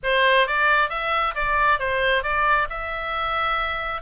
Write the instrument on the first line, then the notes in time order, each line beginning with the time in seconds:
oboe
0.03 C5
0.47 D5
0.89 E5
1.35 D5
1.79 C5
2.23 D5
2.69 E5